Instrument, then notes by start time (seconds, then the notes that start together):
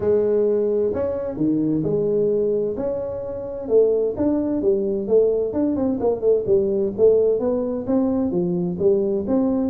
tuba
0.00 G#3
0.93 C#4
1.36 D#3
1.83 G#3
2.77 C#4
3.68 A3
4.16 D4
4.61 G3
5.07 A3
5.53 D4
5.75 C4
6.00 A#3
6.21 A3
6.46 G3
6.97 A3
7.39 B3
7.86 C4
8.31 F3
8.79 G3
9.27 C4